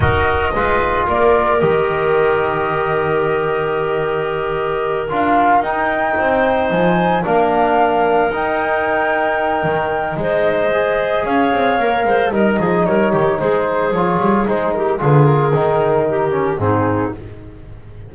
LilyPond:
<<
  \new Staff \with { instrumentName = "flute" } { \time 4/4 \tempo 4 = 112 dis''2 d''4 dis''4~ | dis''1~ | dis''4. f''4 g''4.~ | g''8 gis''4 f''2 g''8~ |
g''2. dis''4~ | dis''4 f''2 dis''4 | cis''4 c''4 cis''4 c''8 ais'8 | b'8 ais'2~ ais'8 gis'4 | }
  \new Staff \with { instrumentName = "clarinet" } { \time 4/4 ais'4 b'4 ais'2~ | ais'1~ | ais'2.~ ais'8 c''8~ | c''4. ais'2~ ais'8~ |
ais'2. c''4~ | c''4 cis''4. c''8 ais'8 gis'8 | ais'8 g'8 gis'2~ gis'8 g'8 | gis'2 g'4 dis'4 | }
  \new Staff \with { instrumentName = "trombone" } { \time 4/4 fis'4 f'2 g'4~ | g'1~ | g'4. f'4 dis'4.~ | dis'4. d'2 dis'8~ |
dis'1 | gis'2 ais'4 dis'4~ | dis'2 f'4 dis'4 | f'4 dis'4. cis'8 c'4 | }
  \new Staff \with { instrumentName = "double bass" } { \time 4/4 dis'4 gis4 ais4 dis4~ | dis1~ | dis4. d'4 dis'4 c'8~ | c'8 f4 ais2 dis'8~ |
dis'2 dis4 gis4~ | gis4 cis'8 c'8 ais8 gis8 g8 f8 | g8 dis8 gis4 f8 g8 gis4 | d4 dis2 gis,4 | }
>>